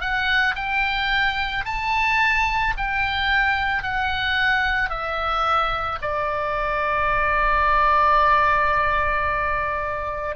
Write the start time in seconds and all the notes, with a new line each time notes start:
0.00 F#5
0.56 G5
1.65 A5
2.77 G5
3.83 F#5
4.89 E5
6.01 D5